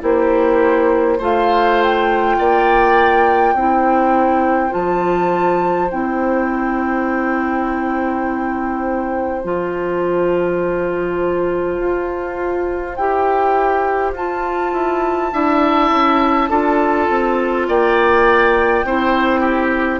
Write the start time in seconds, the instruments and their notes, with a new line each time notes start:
0.00 bassoon A#3, clarinet E4, oboe G4, flute C5
1.18 bassoon A3, clarinet F4, oboe C5, flute F5
1.82 flute G5
2.39 bassoon A#3, oboe D5
3.54 bassoon C4, clarinet E4, oboe C5
4.70 bassoon F3, clarinet F4, flute A5
5.91 bassoon C4, clarinet E4, flute G5
9.41 bassoon F3, clarinet F4, flute A5
11.79 bassoon F4
12.94 bassoon E4, clarinet G4, flute G5
14.12 bassoon F4, clarinet F4, flute A5
14.73 bassoon E4
15.32 bassoon D4, clarinet E4, oboe E5
15.90 bassoon C#4
16.49 bassoon D4, clarinet F4, oboe A4
17.10 bassoon C4
17.68 bassoon A#3, oboe D5, flute G5
18.84 bassoon C4, clarinet E4, oboe C5
19.40 oboe G4